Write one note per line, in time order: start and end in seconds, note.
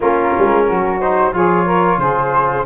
0.00 0.34 A#3
0.00 1.00 C#4
0.00 0.64 F4
0.00 1.00 A#4
0.38 0.69 G#3
0.66 1.32 F#3
0.66 1.33 F#4
1.00 1.32 D#4
1.00 1.33 C5
1.32 1.98 F3
1.32 2.65 F4
1.32 1.64 G#4
1.32 1.98 C#5
1.64 1.98 A#4
1.98 2.64 C#3
1.98 2.65 G#4
1.98 2.65 C5